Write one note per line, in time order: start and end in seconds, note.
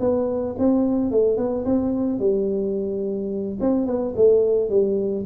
0.00 0.56 B3
0.58 1.11 C4
1.11 1.37 A3
1.37 1.65 B3
1.65 2.19 C4
2.19 3.58 G3
3.60 3.86 C4
3.86 4.14 B3
4.16 4.70 A3
4.70 5.25 G3